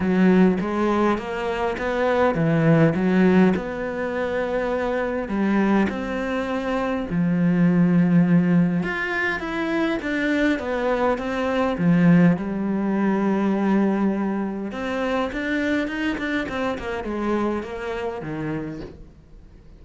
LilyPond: \new Staff \with { instrumentName = "cello" } { \time 4/4 \tempo 4 = 102 fis4 gis4 ais4 b4 | e4 fis4 b2~ | b4 g4 c'2 | f2. f'4 |
e'4 d'4 b4 c'4 | f4 g2.~ | g4 c'4 d'4 dis'8 d'8 | c'8 ais8 gis4 ais4 dis4 | }